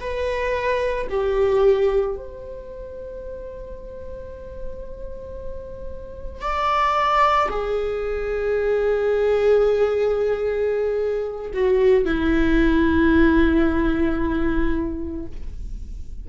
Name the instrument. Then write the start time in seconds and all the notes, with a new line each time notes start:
viola
0.00 B4
1.10 G4
2.16 C5
6.41 D5
7.50 G#4
11.54 F#4
12.05 E4